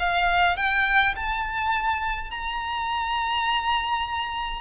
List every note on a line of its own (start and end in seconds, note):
0.00 0.57 F5
0.57 1.15 G5
1.17 2.31 A5
2.31 4.62 A#5